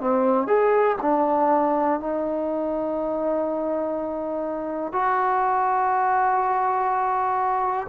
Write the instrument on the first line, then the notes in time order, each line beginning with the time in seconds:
trombone
0.00 C4
0.47 G#4
1.01 D4
1.99 D#4
4.92 F#4